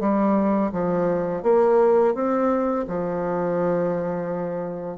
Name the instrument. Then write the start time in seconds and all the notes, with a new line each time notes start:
bassoon
0.00 G3
0.72 F3
1.43 A#3
2.14 C4
2.87 F3